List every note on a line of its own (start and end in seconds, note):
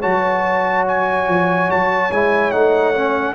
0.00 1.28 F#3
0.00 2.10 F#4
0.00 3.33 C#5
0.00 0.85 A5
0.88 1.71 G#5
1.28 1.69 F3
1.70 2.11 F#3
1.70 2.12 A5
2.11 2.52 G#3
2.11 2.52 E4
2.11 2.51 G#5
2.51 3.34 A3
2.51 2.94 D#4
2.51 3.34 F#5
2.94 3.34 C#4